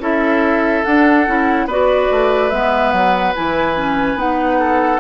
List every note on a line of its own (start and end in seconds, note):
0.00 0.83 C#4
0.00 0.85 E4
0.00 1.67 A4
0.00 0.84 E5
0.84 1.27 D4
0.84 1.28 D4
0.84 1.68 F#5
1.27 1.66 C#4
1.27 1.69 E4
1.66 2.08 B3
1.66 2.51 F#4
1.66 4.59 B4
1.66 2.50 D5
2.12 2.51 A3
2.50 2.93 G#3
2.50 3.35 B3
2.50 2.91 E5
2.91 3.35 F#3
2.91 3.33 F#5
3.36 4.15 E3
3.36 3.76 E4
3.36 4.19 G#5
3.76 4.18 C#4
4.15 4.98 B3
4.15 5.00 D#4
4.15 5.00 F#5
4.60 5.00 A4